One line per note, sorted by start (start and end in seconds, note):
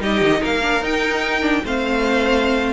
0.00 0.21 G3
0.00 0.61 D#4
0.00 0.41 G4
0.00 0.43 D#5
0.21 0.42 D#3
0.41 0.81 A#3
0.41 1.62 A#4
0.41 0.84 F5
0.61 0.81 D4
0.81 1.62 D#4
0.81 1.42 D#4
0.81 1.65 G5
1.42 1.62 D4
1.64 2.73 A3
1.64 2.73 C4
1.64 2.73 C5
1.64 2.73 F5